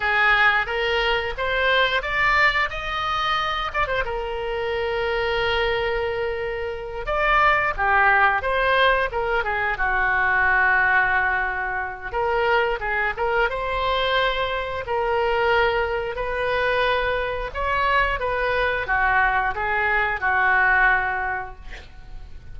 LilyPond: \new Staff \with { instrumentName = "oboe" } { \time 4/4 \tempo 4 = 89 gis'4 ais'4 c''4 d''4 | dis''4. d''16 c''16 ais'2~ | ais'2~ ais'8 d''4 g'8~ | g'8 c''4 ais'8 gis'8 fis'4.~ |
fis'2 ais'4 gis'8 ais'8 | c''2 ais'2 | b'2 cis''4 b'4 | fis'4 gis'4 fis'2 | }